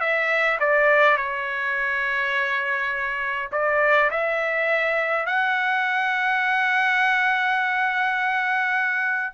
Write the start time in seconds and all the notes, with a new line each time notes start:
0.00 E5
0.60 D5
1.17 C#5
3.52 D5
4.10 E5
5.26 F#5